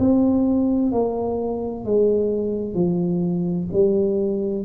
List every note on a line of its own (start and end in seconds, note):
0.00 0.92 C4
0.92 1.86 A#3
1.86 2.75 G#3
2.75 3.69 F3
3.73 4.66 G3